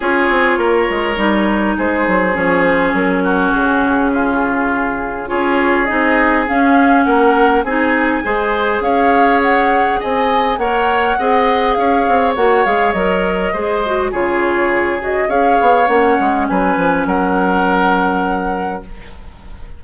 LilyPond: <<
  \new Staff \with { instrumentName = "flute" } { \time 4/4 \tempo 4 = 102 cis''2. c''4 | cis''8 c''8 ais'4 gis'2~ | gis'4 cis''4 dis''4 f''4 | fis''4 gis''2 f''4 |
fis''4 gis''4 fis''2 | f''4 fis''8 f''8 dis''2 | cis''4. dis''8 f''4 fis''4 | gis''4 fis''2. | }
  \new Staff \with { instrumentName = "oboe" } { \time 4/4 gis'4 ais'2 gis'4~ | gis'4. fis'4. f'4~ | f'4 gis'2. | ais'4 gis'4 c''4 cis''4~ |
cis''4 dis''4 cis''4 dis''4 | cis''2. c''4 | gis'2 cis''2 | b'4 ais'2. | }
  \new Staff \with { instrumentName = "clarinet" } { \time 4/4 f'2 dis'2 | cis'1~ | cis'4 f'4 dis'4 cis'4~ | cis'4 dis'4 gis'2~ |
gis'2 ais'4 gis'4~ | gis'4 fis'8 gis'8 ais'4 gis'8 fis'8 | f'4. fis'8 gis'4 cis'4~ | cis'1 | }
  \new Staff \with { instrumentName = "bassoon" } { \time 4/4 cis'8 c'8 ais8 gis8 g4 gis8 fis8 | f4 fis4 cis2~ | cis4 cis'4 c'4 cis'4 | ais4 c'4 gis4 cis'4~ |
cis'4 c'4 ais4 c'4 | cis'8 c'8 ais8 gis8 fis4 gis4 | cis2 cis'8 b8 ais8 gis8 | fis8 f8 fis2. | }
>>